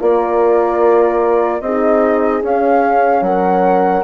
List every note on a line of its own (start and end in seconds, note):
0.00 1.61 A#3
0.00 1.62 F4
0.00 1.62 A#4
0.00 1.61 D5
1.61 2.42 C4
1.61 2.43 D#4
1.61 3.25 G#4
1.61 2.42 D#5
2.43 4.04 C#4
2.43 3.22 C#4
2.43 3.23 F5
3.22 4.03 F#3
3.22 4.04 A#4
3.22 4.04 F#5